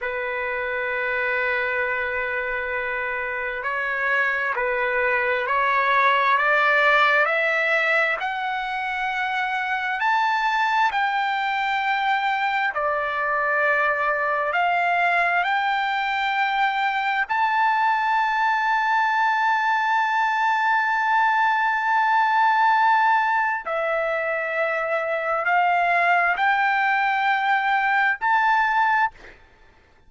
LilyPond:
\new Staff \with { instrumentName = "trumpet" } { \time 4/4 \tempo 4 = 66 b'1 | cis''4 b'4 cis''4 d''4 | e''4 fis''2 a''4 | g''2 d''2 |
f''4 g''2 a''4~ | a''1~ | a''2 e''2 | f''4 g''2 a''4 | }